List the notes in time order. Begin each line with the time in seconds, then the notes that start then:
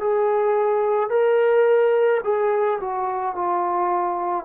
0.00 G#4
1.10 A#4
2.23 G#4
2.80 F#4
3.35 F4